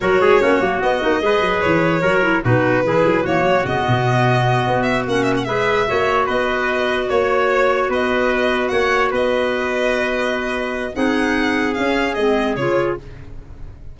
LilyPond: <<
  \new Staff \with { instrumentName = "violin" } { \time 4/4 \tempo 4 = 148 cis''2 dis''2 | cis''2 b'2 | cis''4 dis''2. | e''8 fis''8 e''16 fis''16 e''2 dis''8~ |
dis''4. cis''2 dis''8~ | dis''4. fis''4 dis''4.~ | dis''2. fis''4~ | fis''4 f''4 dis''4 cis''4 | }
  \new Staff \with { instrumentName = "trumpet" } { \time 4/4 ais'8 gis'8 fis'2 b'4~ | b'4 ais'4 fis'4 gis'4 | fis'1~ | fis'4. b'4 cis''4 b'8~ |
b'4. cis''2 b'8~ | b'4. cis''4 b'4.~ | b'2. gis'4~ | gis'1 | }
  \new Staff \with { instrumentName = "clarinet" } { \time 4/4 fis'4 cis'8 ais8 b8 dis'8 gis'4~ | gis'4 fis'8 e'8 dis'4 e'4 | ais4 b2.~ | b8 cis'4 gis'4 fis'4.~ |
fis'1~ | fis'1~ | fis'2. dis'4~ | dis'4 cis'4 c'4 f'4 | }
  \new Staff \with { instrumentName = "tuba" } { \time 4/4 fis8 gis8 ais8 fis8 b8 ais8 gis8 fis8 | e4 fis4 b,4 e8 fis8 | e8 fis8 cis8 b,2 b8~ | b8 ais4 gis4 ais4 b8~ |
b4. ais2 b8~ | b4. ais4 b4.~ | b2. c'4~ | c'4 cis'4 gis4 cis4 | }
>>